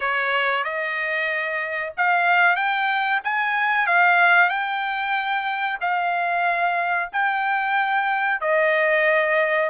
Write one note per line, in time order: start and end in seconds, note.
0.00 0.64 C#5
0.64 1.93 D#5
1.97 2.55 F5
2.55 3.20 G5
3.24 3.86 G#5
3.86 4.49 F5
4.49 5.78 G5
5.80 7.09 F5
7.12 8.40 G5
8.40 9.69 D#5